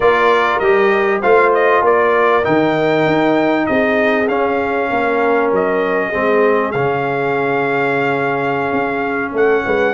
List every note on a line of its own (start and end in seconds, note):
0.00 0.59 A#3
0.00 0.61 F4
0.00 1.20 A#4
0.00 0.59 D5
0.59 1.21 G3
0.59 1.23 G4
0.59 1.20 D#5
1.20 1.82 A3
1.20 2.42 F4
1.20 1.82 C5
1.20 1.52 F5
1.54 1.84 D#5
1.82 2.43 A#3
1.82 3.66 A#4
1.82 2.44 D5
2.42 3.06 D#3
2.42 4.26 D#4
2.42 3.66 G5
3.06 3.67 D#4
3.66 4.28 C4
3.66 4.90 G#4
3.66 4.27 D#5
4.28 4.89 C#4
4.28 6.12 C#4
4.28 5.50 F5
4.90 5.51 A#3
4.90 6.09 A#4
5.51 6.12 F#3
5.51 6.71 D#5
6.09 6.73 C4
6.09 9.30 G#4
6.15 6.73 G#3
6.71 8.72 C#3
6.71 9.93 C#4
6.71 9.32 F5
8.72 9.32 C#4
9.32 9.62 A3
9.32 9.64 A4
9.32 9.93 F#5
9.65 9.93 G#3
9.65 9.93 B4